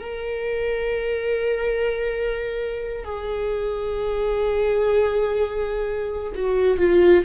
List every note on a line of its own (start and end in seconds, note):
0.00 3.04 A#4
3.04 6.32 G#4
6.35 6.78 F#4
6.78 7.25 F4